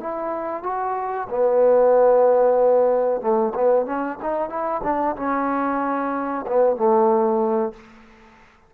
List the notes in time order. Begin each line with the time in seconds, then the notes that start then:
0.00 E4
0.63 F#4
1.30 B3
3.21 A3
3.55 B3
3.86 C#4
4.23 D#4
4.50 E4
4.84 D4
5.17 C#4
6.47 B3
6.77 A3